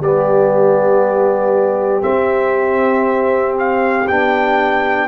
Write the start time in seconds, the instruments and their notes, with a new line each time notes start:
0.00 tuba G3, trombone B3, horn G4, trumpet D5
2.02 trombone C4, tuba C4, trumpet E5
3.59 trumpet F5
4.08 tuba B3, trombone D4, trumpet G5